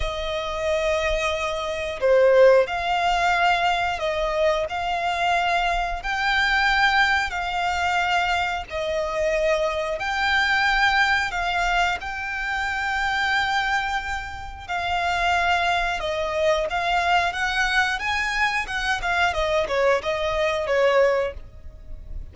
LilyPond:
\new Staff \with { instrumentName = "violin" } { \time 4/4 \tempo 4 = 90 dis''2. c''4 | f''2 dis''4 f''4~ | f''4 g''2 f''4~ | f''4 dis''2 g''4~ |
g''4 f''4 g''2~ | g''2 f''2 | dis''4 f''4 fis''4 gis''4 | fis''8 f''8 dis''8 cis''8 dis''4 cis''4 | }